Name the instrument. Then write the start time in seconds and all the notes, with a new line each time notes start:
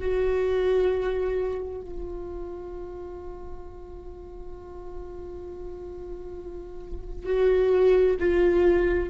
viola
0.00 F#4
1.81 F4
7.26 F#4
8.20 F4